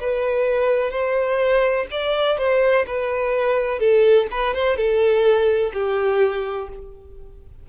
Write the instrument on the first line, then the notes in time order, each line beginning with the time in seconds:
violin
0.00 B4
0.90 C5
1.90 D5
2.37 C5
2.86 B4
3.79 A4
4.31 B4
4.54 C5
4.76 A4
5.73 G4